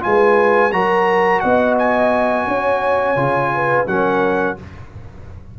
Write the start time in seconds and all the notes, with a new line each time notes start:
0.00 G#3 F4 B4 G#5
0.72 F#3 F#4 A#4 A#5
1.40 B3 D#5 F#5
1.78 G#5
2.47 C#4 C#5
3.16 C#3 F4
3.54 B4
3.86 F#3 C#4 A#4 F#5